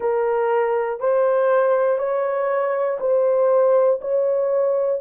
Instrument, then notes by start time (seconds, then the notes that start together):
horn
0.00 A#4
1.00 C5
1.98 C#5
3.00 C5
4.01 C#5